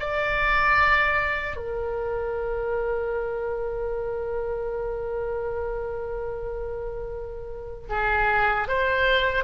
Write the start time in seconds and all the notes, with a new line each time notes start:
0.00 D5
1.57 A#4
7.89 G#4
8.68 C5